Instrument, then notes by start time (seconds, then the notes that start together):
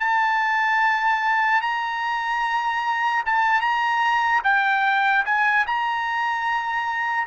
trumpet
0.00 A5
1.62 A#5
3.26 A5
3.61 A#5
4.44 G5
5.26 G#5
5.67 A#5